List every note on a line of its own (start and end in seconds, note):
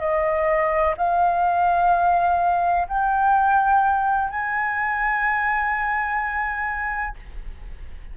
0.00 0.95 D#5
0.97 2.88 F5
2.88 4.31 G5
4.31 7.16 G#5